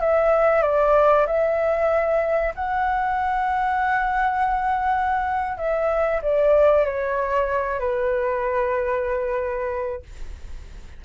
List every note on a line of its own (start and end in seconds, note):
0.00 0.62 E5
0.62 1.26 D5
1.26 2.54 E5
2.55 5.57 F#5
5.57 6.21 E5
6.22 6.85 D5
6.85 7.79 C#5
7.79 10.03 B4